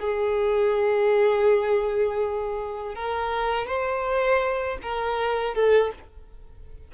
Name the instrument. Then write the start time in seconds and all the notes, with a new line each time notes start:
violin
0.00 G#4
2.96 A#4
3.67 C5
4.83 A#4
5.55 A4